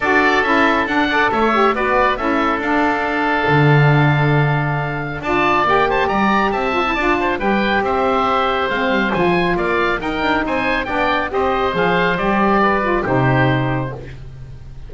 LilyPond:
<<
  \new Staff \with { instrumentName = "oboe" } { \time 4/4 \tempo 4 = 138 d''4 e''4 fis''4 e''4 | d''4 e''4 f''2~ | f''1 | a''4 g''8 a''8 ais''4 a''4~ |
a''4 g''4 e''2 | f''4 gis''4 f''4 g''4 | gis''4 g''4 dis''4 f''4 | d''2 c''2 | }
  \new Staff \with { instrumentName = "oboe" } { \time 4/4 a'2~ a'8 d''8 cis''4 | b'4 a'2.~ | a'1 | d''4. c''8 d''4 e''4 |
d''8 c''8 b'4 c''2~ | c''2 d''4 ais'4 | c''4 d''4 c''2~ | c''4 b'4 g'2 | }
  \new Staff \with { instrumentName = "saxophone" } { \time 4/4 fis'4 e'4 d'8 a'4 g'8 | fis'4 e'4 d'2~ | d'1 | f'4 g'2~ g'8 f'16 e'16 |
f'4 g'2. | c'4 f'2 dis'4~ | dis'4 d'4 g'4 gis'4 | g'4. f'8 dis'2 | }
  \new Staff \with { instrumentName = "double bass" } { \time 4/4 d'4 cis'4 d'4 a4 | b4 cis'4 d'2 | d1 | d'4 ais4 g4 c'4 |
d'4 g4 c'2 | gis8 g8 f4 ais4 dis'8 d'8 | c'4 b4 c'4 f4 | g2 c2 | }
>>